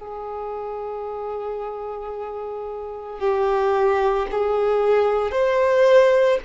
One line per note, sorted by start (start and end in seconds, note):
0.00 3.20 G#4
3.20 4.27 G4
4.32 5.32 G#4
5.32 6.39 C5